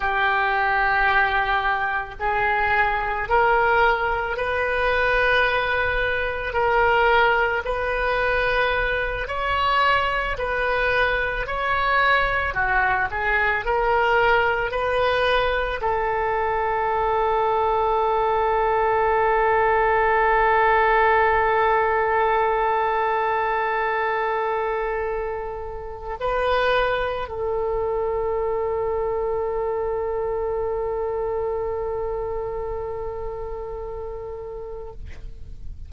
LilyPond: \new Staff \with { instrumentName = "oboe" } { \time 4/4 \tempo 4 = 55 g'2 gis'4 ais'4 | b'2 ais'4 b'4~ | b'8 cis''4 b'4 cis''4 fis'8 | gis'8 ais'4 b'4 a'4.~ |
a'1~ | a'1 | b'4 a'2.~ | a'1 | }